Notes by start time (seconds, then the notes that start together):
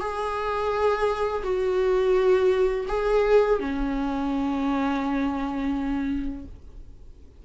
0.00 G#4
1.43 F#4
2.88 G#4
3.60 C#4